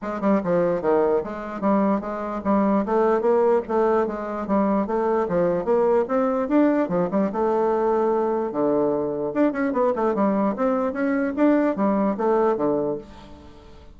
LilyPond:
\new Staff \with { instrumentName = "bassoon" } { \time 4/4 \tempo 4 = 148 gis8 g8 f4 dis4 gis4 | g4 gis4 g4 a4 | ais4 a4 gis4 g4 | a4 f4 ais4 c'4 |
d'4 f8 g8 a2~ | a4 d2 d'8 cis'8 | b8 a8 g4 c'4 cis'4 | d'4 g4 a4 d4 | }